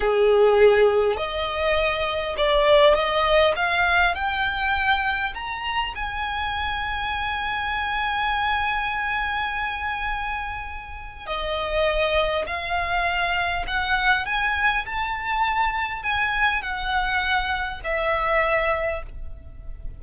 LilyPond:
\new Staff \with { instrumentName = "violin" } { \time 4/4 \tempo 4 = 101 gis'2 dis''2 | d''4 dis''4 f''4 g''4~ | g''4 ais''4 gis''2~ | gis''1~ |
gis''2. dis''4~ | dis''4 f''2 fis''4 | gis''4 a''2 gis''4 | fis''2 e''2 | }